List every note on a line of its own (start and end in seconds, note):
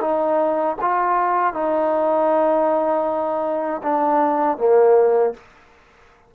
0.00 0.76 D#4
0.81 1.53 F4
1.53 3.81 D#4
3.83 4.57 D4
4.57 5.33 A#3